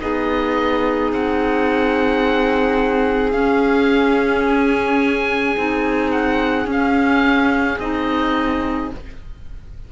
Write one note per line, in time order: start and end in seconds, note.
0.00 1.12 B3
0.00 3.33 D#4
0.00 8.92 G#4
0.00 1.11 D#5
1.12 3.34 C4
1.12 3.31 F#5
3.31 5.55 C#4
3.31 5.56 C#4
3.31 4.43 F5
4.47 6.11 G#5
5.57 6.66 C4
5.57 6.66 D#4
6.11 6.67 F#5
6.66 7.77 C#4
6.66 7.79 F5
7.79 8.91 C4
7.79 8.92 D#4
7.79 8.90 D#5